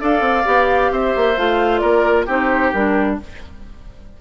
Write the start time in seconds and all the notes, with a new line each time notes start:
0.00 D4 A4 D5 F5
0.20 C4
0.45 B3 G4
0.91 C4 C5 E5
1.16 A#3
1.37 A3 F4 F5
1.78 A#3 A#4 D5
2.26 C4 D#4 G4 C5
2.72 G3 D4 A#4